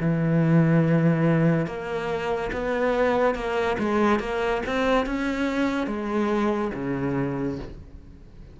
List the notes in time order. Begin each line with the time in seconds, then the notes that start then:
0.00 E3
1.66 A#3
2.52 B3
3.35 A#3
3.79 G#3
4.20 A#3
4.66 C4
5.06 C#4
5.87 G#3
6.74 C#3